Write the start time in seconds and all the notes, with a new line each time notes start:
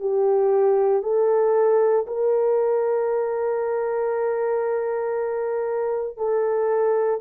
0.00 G4
1.03 A4
2.07 A#4
6.17 A4